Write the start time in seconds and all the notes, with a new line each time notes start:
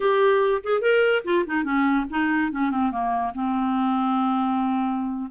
0.00 G4
0.63 G#4
0.81 A#4
1.24 F4
1.46 D#4
1.64 C#4
2.09 D#4
2.51 C#4
2.70 C4
2.91 A#3
3.34 C4